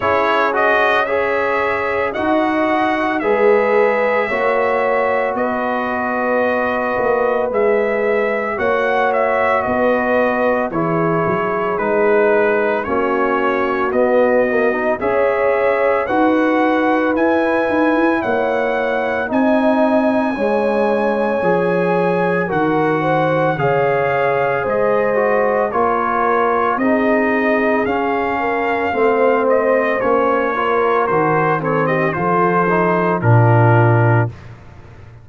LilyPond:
<<
  \new Staff \with { instrumentName = "trumpet" } { \time 4/4 \tempo 4 = 56 cis''8 dis''8 e''4 fis''4 e''4~ | e''4 dis''2 e''4 | fis''8 e''8 dis''4 cis''4 b'4 | cis''4 dis''4 e''4 fis''4 |
gis''4 fis''4 gis''2~ | gis''4 fis''4 f''4 dis''4 | cis''4 dis''4 f''4. dis''8 | cis''4 c''8 cis''16 dis''16 c''4 ais'4 | }
  \new Staff \with { instrumentName = "horn" } { \time 4/4 gis'4 cis''4 dis''4 b'4 | cis''4 b'2. | cis''4 b'4 gis'2 | fis'2 cis''4 b'4~ |
b'4 cis''4 dis''4 cis''4~ | cis''4 ais'8 c''8 cis''4 c''4 | ais'4 gis'4. ais'8 c''4~ | c''8 ais'4 a'16 g'16 a'4 f'4 | }
  \new Staff \with { instrumentName = "trombone" } { \time 4/4 e'8 fis'8 gis'4 fis'4 gis'4 | fis'2. gis'4 | fis'2 e'4 dis'4 | cis'4 b8 ais16 dis'16 gis'4 fis'4 |
e'2 dis'4 gis4 | gis'4 fis'4 gis'4. fis'8 | f'4 dis'4 cis'4 c'4 | cis'8 f'8 fis'8 c'8 f'8 dis'8 d'4 | }
  \new Staff \with { instrumentName = "tuba" } { \time 4/4 cis'2 dis'4 gis4 | ais4 b4. ais8 gis4 | ais4 b4 e8 fis8 gis4 | ais4 b4 cis'4 dis'4 |
e'8 dis'16 e'16 ais4 c'4 cis'4 | f4 dis4 cis4 gis4 | ais4 c'4 cis'4 a4 | ais4 dis4 f4 ais,4 | }
>>